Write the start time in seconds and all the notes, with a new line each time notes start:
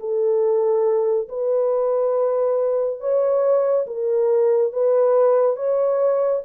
0.00 A4
1.29 B4
3.01 C#5
3.87 A#4
4.73 B4
5.57 C#5